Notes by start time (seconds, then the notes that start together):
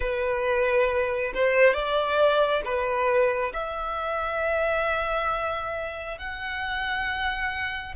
0.00 B4
1.34 C5
1.73 D5
2.64 B4
3.53 E5
6.18 F#5